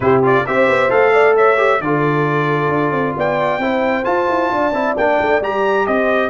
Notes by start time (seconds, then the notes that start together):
0.00 C3 E4 G4 C5
0.23 F4 D5
0.46 C4 G4 C5 E5
0.68 B3
0.89 A3 A4 F5
1.12 D5
1.35 C#5 E5
1.56 G4
1.80 D3 F4 A4 D5
2.68 D4
2.91 C4
3.16 B3 D5 G5
3.58 C4 E4 C5
4.04 F4 A5
4.28 E4
4.51 D4 D5
4.72 C4 E4
4.96 A#3 D4 G5
5.20 A3
5.41 G3 G4 A#5
5.86 C4 C5 D#5